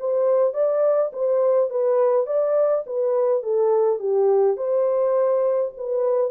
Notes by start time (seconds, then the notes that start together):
0.00 C5
0.54 D5
1.13 C5
1.70 B4
2.27 D5
2.87 B4
3.43 A4
3.99 G4
4.57 C5
5.77 B4